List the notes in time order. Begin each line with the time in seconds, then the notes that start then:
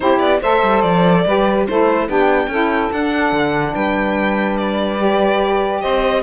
0.00 C4 E4 G4 C5
0.18 B3 D5
0.40 A3 A4 C5 E5
0.62 G3
0.81 F3 D5
1.26 G3 G4 B4
1.67 A3 E4 A4 C5
2.07 B3 D4 G4 G5
2.47 C#4 E4 A4
2.91 D4 F#5
3.32 D3
3.74 G3 B4 G5
4.56 D5
4.97 G4
5.81 C4 C5 D#5